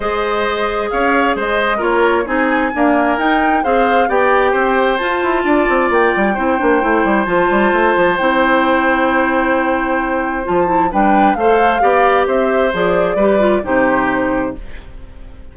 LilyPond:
<<
  \new Staff \with { instrumentName = "flute" } { \time 4/4 \tempo 4 = 132 dis''2 f''4 dis''4 | cis''4 gis''2 g''4 | f''4 g''2 a''4~ | a''4 g''2. |
a''2 g''2~ | g''2. a''4 | g''4 f''2 e''4 | d''2 c''2 | }
  \new Staff \with { instrumentName = "oboe" } { \time 4/4 c''2 cis''4 c''4 | ais'4 gis'4 ais'2 | c''4 d''4 c''2 | d''2 c''2~ |
c''1~ | c''1 | b'4 c''4 d''4 c''4~ | c''4 b'4 g'2 | }
  \new Staff \with { instrumentName = "clarinet" } { \time 4/4 gis'1 | f'4 dis'4 ais4 dis'4 | gis'4 g'2 f'4~ | f'2 e'8 d'8 e'4 |
f'2 e'2~ | e'2. f'8 e'8 | d'4 a'4 g'2 | gis'4 g'8 f'8 dis'2 | }
  \new Staff \with { instrumentName = "bassoon" } { \time 4/4 gis2 cis'4 gis4 | ais4 c'4 d'4 dis'4 | c'4 b4 c'4 f'8 e'8 | d'8 c'8 ais8 g8 c'8 ais8 a8 g8 |
f8 g8 a8 f8 c'2~ | c'2. f4 | g4 a4 b4 c'4 | f4 g4 c2 | }
>>